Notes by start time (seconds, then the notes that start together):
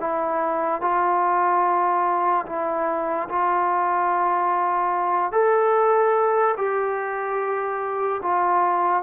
0.00 E4
0.81 F4
2.46 E4
3.29 F4
5.32 A4
6.57 G4
8.22 F4